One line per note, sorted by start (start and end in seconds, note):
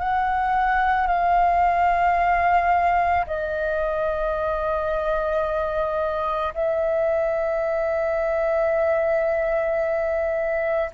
0.00 1.08 F#5
1.08 3.26 F5
3.27 6.54 D#5
6.55 10.91 E5